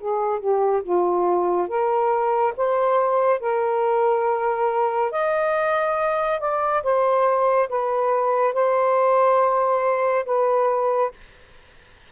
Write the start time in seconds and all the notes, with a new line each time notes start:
0.00 G#4
0.40 G4
0.83 F4
1.68 A#4
2.57 C5
3.40 A#4
5.12 D#5
6.40 D5
6.83 C5
7.69 B4
8.54 C5
10.25 B4